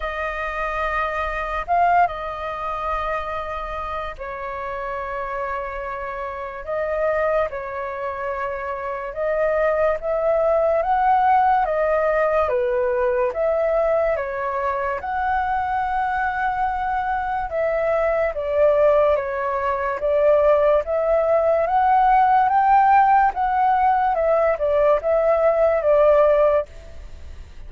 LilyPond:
\new Staff \with { instrumentName = "flute" } { \time 4/4 \tempo 4 = 72 dis''2 f''8 dis''4.~ | dis''4 cis''2. | dis''4 cis''2 dis''4 | e''4 fis''4 dis''4 b'4 |
e''4 cis''4 fis''2~ | fis''4 e''4 d''4 cis''4 | d''4 e''4 fis''4 g''4 | fis''4 e''8 d''8 e''4 d''4 | }